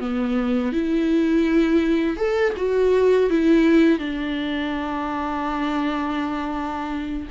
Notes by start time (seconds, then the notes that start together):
0.00 B3
0.72 E4
2.17 A4
2.56 F#4
3.30 E4
3.98 D4